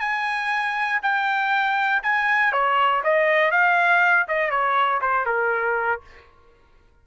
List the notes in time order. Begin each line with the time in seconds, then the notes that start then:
0.00 G#5
1.02 G5
2.03 G#5
2.52 C#5
3.04 D#5
3.51 F5
4.28 D#5
4.51 C#5
5.01 C5
5.26 A#4